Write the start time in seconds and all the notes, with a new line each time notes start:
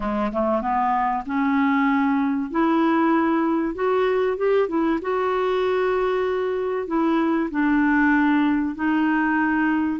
0.00 G#3
0.32 A3
0.61 B3
1.26 C#4
2.50 E4
3.74 F#4
4.37 G4
4.68 E4
5.01 F#4
6.87 E4
7.50 D4
8.75 D#4